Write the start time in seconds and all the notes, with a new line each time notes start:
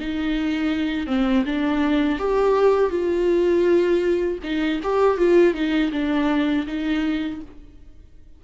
0.00 D#4
1.07 C4
1.46 D4
2.19 G4
2.91 F4
4.44 D#4
4.84 G4
5.18 F4
5.54 D#4
5.92 D4
6.67 D#4